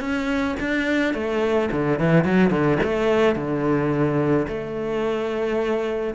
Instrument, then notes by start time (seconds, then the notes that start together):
cello
0.00 C#4
0.60 D4
1.14 A3
1.71 D3
1.99 E3
2.24 F#3
2.50 D3
2.83 A3
3.36 D3
4.48 A3